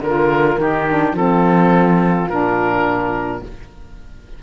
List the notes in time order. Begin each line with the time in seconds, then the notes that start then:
0.00 D3 F4 A#4
0.58 D#3 D#4 G4
0.88 D4
1.13 F3 C4 F4 A4
2.29 A#2 D4 A#4